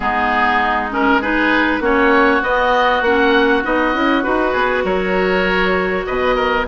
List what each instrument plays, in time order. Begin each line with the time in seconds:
0.00 bassoon G#3, clarinet B3, oboe D#4 G#4
0.91 clarinet C#4, oboe A#4
1.21 clarinet D#4, oboe G#4 B4
1.80 bassoon A#3, clarinet C#4, oboe F#4 C#5
2.42 bassoon B3, clarinet B3, oboe D#5
3.01 bassoon A#3, clarinet C#4, oboe F#5
3.63 bassoon B3, clarinet D#4, oboe D#5
3.93 bassoon C#4, clarinet E4
4.22 bassoon D#4, clarinet F#4, oboe B4
4.52 bassoon B3, oboe G#4
4.84 bassoon F#3, oboe A#4 C#5
6.05 bassoon B2, oboe B4 D#5
6.35 oboe A#4